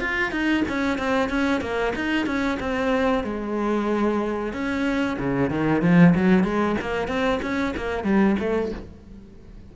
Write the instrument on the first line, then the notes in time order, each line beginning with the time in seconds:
cello
0.00 F4
0.31 D#4
0.69 C#4
0.98 C4
1.29 C#4
1.61 A#3
1.95 D#4
2.26 C#4
2.60 C4
3.24 G#3
4.53 C#4
5.19 C#3
5.50 D#3
5.82 F3
6.15 F#3
6.44 G#3
6.81 A#3
7.08 C4
7.42 C#4
7.77 A#3
8.04 G3
8.39 A3